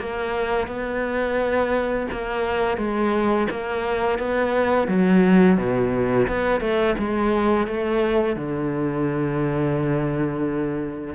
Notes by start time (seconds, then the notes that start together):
0.00 A#3
0.68 B3
2.12 A#3
2.78 G#3
3.51 A#3
4.19 B3
4.88 F#3
5.58 B2
6.28 B3
6.61 A3
6.98 G#3
7.67 A3
8.36 D3